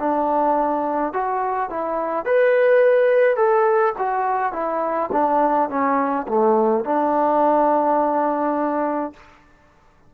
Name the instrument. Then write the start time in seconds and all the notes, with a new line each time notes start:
trombone
0.00 D4
1.14 F#4
1.70 E4
2.26 B4
3.37 A4
3.99 F#4
4.53 E4
5.12 D4
5.70 C#4
6.28 A3
6.85 D4